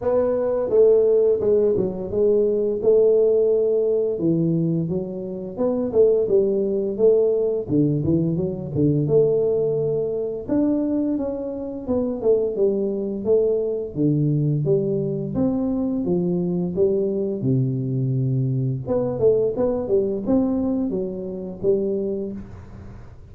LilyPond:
\new Staff \with { instrumentName = "tuba" } { \time 4/4 \tempo 4 = 86 b4 a4 gis8 fis8 gis4 | a2 e4 fis4 | b8 a8 g4 a4 d8 e8 | fis8 d8 a2 d'4 |
cis'4 b8 a8 g4 a4 | d4 g4 c'4 f4 | g4 c2 b8 a8 | b8 g8 c'4 fis4 g4 | }